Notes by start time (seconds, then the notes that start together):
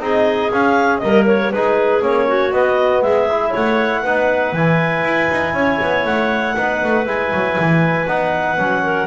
0.00 C4 D#4 G#4 D#5
0.51 C#4 F5
0.99 G3 A#3 A#4 D#5
1.27 C#5
1.52 G#3 D#4 G#4 B4
2.01 A#3 C#4 C#5
2.27 F#4
2.52 B3 D#5
3.02 G#3 G#4 E5
3.31 E4
3.50 C#5 F#5
3.56 A3
4.03 B3 D#4 B4
4.53 E3 E4 G#5
5.04 E4
5.31 D#4
5.54 C#4 C#5
5.82 B3
6.05 A3 F#5
6.57 B3 D#4 B4
6.84 A3
7.06 G#3 E4 G#5
7.32 F#3
7.59 E3
8.08 B3 D#4 F#5
8.58 F#3 C#4
8.84 A#4